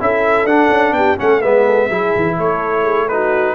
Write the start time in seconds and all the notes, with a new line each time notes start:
0.00 C#4 E4 A4 E5
0.45 D4 F#5
0.70 C#4
0.92 B3 G4 G5
1.18 A3 C#4 A4 F#5
1.41 G#3 B3 B4 E5
1.66 A4
1.88 F#3 E4 G#4
2.16 E3
2.38 A3 A4 C#5
2.83 G#4
3.09 D#4 F#4 B4